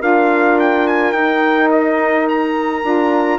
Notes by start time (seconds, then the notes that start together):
0.00 D4 F4 A#4 F5
0.60 G5
0.87 G#5
1.12 D#4 G5
1.71 D#5
2.29 A#5
2.84 D4 F4